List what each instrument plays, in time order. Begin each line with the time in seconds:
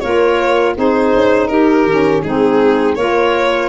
0.00 tuba A#3, saxophone F4, clarinet A#4, violin C#5
0.76 tuba C4, saxophone D#4, clarinet G#4, violin C5
1.15 tuba C#4
1.48 tuba D#4, clarinet G4, violin A#4
1.85 tuba D#3, saxophone C#4
2.23 tuba G#3, saxophone C4, clarinet D#4, violin G#4
2.95 tuba A#3, saxophone F4, clarinet A#4, violin C#5